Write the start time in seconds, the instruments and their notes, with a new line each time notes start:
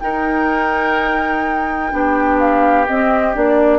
0.00 clarinet D#4, bassoon D#4, oboe A#4, flute G5
1.91 bassoon B3, clarinet D4, oboe G4
2.39 flute F5
2.87 clarinet C4, bassoon C4, flute D#5
3.34 bassoon A#3, clarinet D4, flute D5